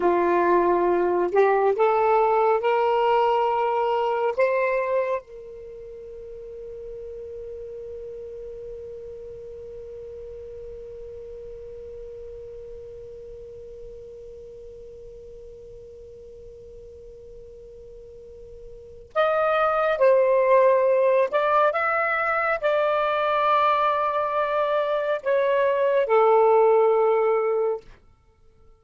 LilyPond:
\new Staff \with { instrumentName = "saxophone" } { \time 4/4 \tempo 4 = 69 f'4. g'8 a'4 ais'4~ | ais'4 c''4 ais'2~ | ais'1~ | ais'1~ |
ais'1~ | ais'2 dis''4 c''4~ | c''8 d''8 e''4 d''2~ | d''4 cis''4 a'2 | }